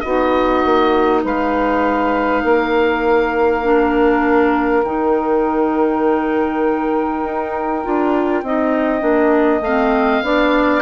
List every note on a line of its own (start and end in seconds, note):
0.00 0.64 B3
0.00 3.63 D#4
0.00 1.22 F#4
0.00 1.20 D#5
0.65 1.24 A#3
1.23 2.44 G#3
1.23 2.43 B4
1.23 4.84 F5
2.44 4.84 A#3
2.44 8.44 A#4
3.63 4.83 D4
4.84 7.24 D#3
4.84 7.83 D#4
4.84 9.63 G5
7.24 7.84 D#4
7.83 8.42 D4
7.83 8.43 F4
8.42 9.02 C4
8.42 9.00 D#4
8.42 10.24 D#5
9.00 9.61 A#3
9.00 9.60 D4
9.61 10.21 A3
9.61 10.24 C4
9.61 10.82 F5
10.22 10.82 B3
10.22 10.82 D4
10.22 10.82 D5